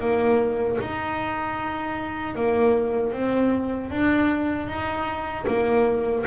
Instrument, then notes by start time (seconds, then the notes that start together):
double bass
0.00 A#3
0.81 D#4
2.35 A#3
3.13 C4
3.90 D4
4.68 D#4
5.48 A#3